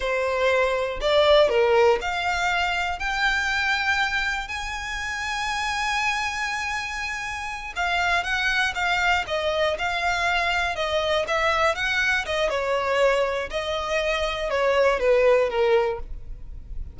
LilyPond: \new Staff \with { instrumentName = "violin" } { \time 4/4 \tempo 4 = 120 c''2 d''4 ais'4 | f''2 g''2~ | g''4 gis''2.~ | gis''2.~ gis''8 f''8~ |
f''8 fis''4 f''4 dis''4 f''8~ | f''4. dis''4 e''4 fis''8~ | fis''8 dis''8 cis''2 dis''4~ | dis''4 cis''4 b'4 ais'4 | }